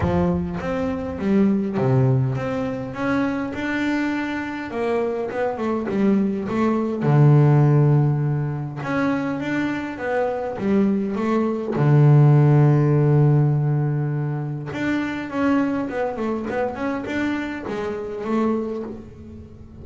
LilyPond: \new Staff \with { instrumentName = "double bass" } { \time 4/4 \tempo 4 = 102 f4 c'4 g4 c4 | c'4 cis'4 d'2 | ais4 b8 a8 g4 a4 | d2. cis'4 |
d'4 b4 g4 a4 | d1~ | d4 d'4 cis'4 b8 a8 | b8 cis'8 d'4 gis4 a4 | }